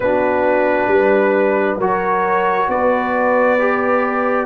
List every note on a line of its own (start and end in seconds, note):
0.00 0.87 B3
0.00 1.80 D4
0.00 0.90 F#4
0.00 1.77 B4
0.87 1.76 G3
0.87 1.78 B4
1.78 2.67 F#3
1.78 3.59 F#4
1.78 2.68 A#4
1.78 2.69 C#5
2.68 4.46 B3
2.68 4.46 B4
2.68 4.46 D5
3.59 4.46 G4